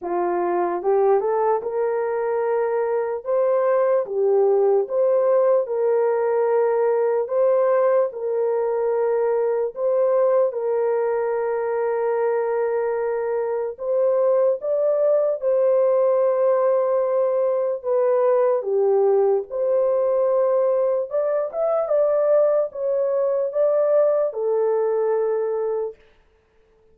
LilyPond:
\new Staff \with { instrumentName = "horn" } { \time 4/4 \tempo 4 = 74 f'4 g'8 a'8 ais'2 | c''4 g'4 c''4 ais'4~ | ais'4 c''4 ais'2 | c''4 ais'2.~ |
ais'4 c''4 d''4 c''4~ | c''2 b'4 g'4 | c''2 d''8 e''8 d''4 | cis''4 d''4 a'2 | }